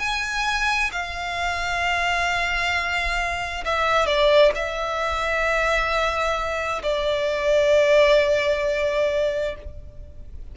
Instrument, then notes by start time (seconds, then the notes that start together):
violin
0.00 G#5
0.92 F5
3.65 E5
4.07 D5
4.55 E5
6.83 D5